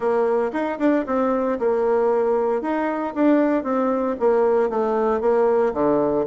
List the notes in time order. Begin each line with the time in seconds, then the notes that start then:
0.00 A#3
0.52 D#4
0.78 D4
1.06 C4
1.59 A#3
2.61 D#4
3.14 D4
3.63 C4
4.19 A#3
4.69 A3
5.21 A#3
5.73 D3